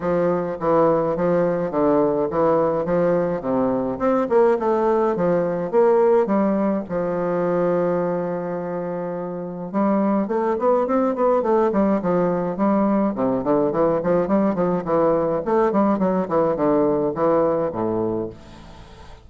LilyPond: \new Staff \with { instrumentName = "bassoon" } { \time 4/4 \tempo 4 = 105 f4 e4 f4 d4 | e4 f4 c4 c'8 ais8 | a4 f4 ais4 g4 | f1~ |
f4 g4 a8 b8 c'8 b8 | a8 g8 f4 g4 c8 d8 | e8 f8 g8 f8 e4 a8 g8 | fis8 e8 d4 e4 a,4 | }